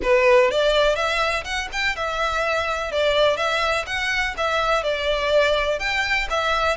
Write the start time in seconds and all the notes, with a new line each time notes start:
0.02 B4
0.51 D5
0.95 E5
1.44 F#5
1.72 G5
1.96 E5
2.91 D5
3.37 E5
3.86 F#5
4.37 E5
4.83 D5
5.79 G5
6.30 E5